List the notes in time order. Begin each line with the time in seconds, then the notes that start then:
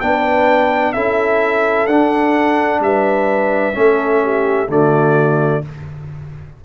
0.00 B3 D4 B4 G5
0.93 C#4 E4 A4 E5
1.86 D4 F#5
2.80 G3 B4 E5
3.73 A3 C#4 A4
4.23 G4
4.68 D3 A3 F#4 D5